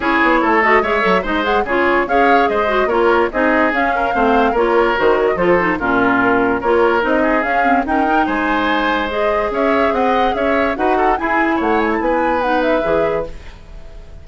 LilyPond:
<<
  \new Staff \with { instrumentName = "flute" } { \time 4/4 \tempo 4 = 145 cis''4. dis''8 e''4 dis''8 fis''8 | cis''4 f''4 dis''4 cis''4 | dis''4 f''2 cis''4 | c''8 cis''16 dis''16 c''4 ais'2 |
cis''4 dis''4 f''4 g''4 | gis''2 dis''4 e''4 | fis''4 e''4 fis''4 gis''4 | fis''8 gis''16 a''16 gis''4 fis''8 e''4. | }
  \new Staff \with { instrumentName = "oboe" } { \time 4/4 gis'4 a'4 cis''4 c''4 | gis'4 cis''4 c''4 ais'4 | gis'4. ais'8 c''4 ais'4~ | ais'4 a'4 f'2 |
ais'4. gis'4. ais'4 | c''2. cis''4 | dis''4 cis''4 b'8 a'8 gis'4 | cis''4 b'2. | }
  \new Staff \with { instrumentName = "clarinet" } { \time 4/4 e'4. fis'8 gis'8 a'8 dis'8 gis'8 | f'4 gis'4. fis'8 f'4 | dis'4 cis'4 c'4 f'4 | fis'4 f'8 dis'8 cis'2 |
f'4 dis'4 cis'8 c'8 cis'8 dis'8~ | dis'2 gis'2~ | gis'2 fis'4 e'4~ | e'2 dis'4 gis'4 | }
  \new Staff \with { instrumentName = "bassoon" } { \time 4/4 cis'8 b8 a4 gis8 fis8 gis4 | cis4 cis'4 gis4 ais4 | c'4 cis'4 a4 ais4 | dis4 f4 ais,2 |
ais4 c'4 cis'4 dis'4 | gis2. cis'4 | c'4 cis'4 dis'4 e'4 | a4 b2 e4 | }
>>